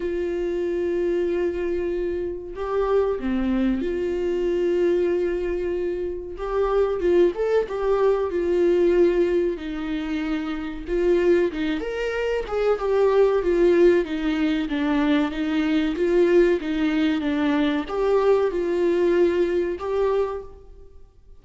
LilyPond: \new Staff \with { instrumentName = "viola" } { \time 4/4 \tempo 4 = 94 f'1 | g'4 c'4 f'2~ | f'2 g'4 f'8 a'8 | g'4 f'2 dis'4~ |
dis'4 f'4 dis'8 ais'4 gis'8 | g'4 f'4 dis'4 d'4 | dis'4 f'4 dis'4 d'4 | g'4 f'2 g'4 | }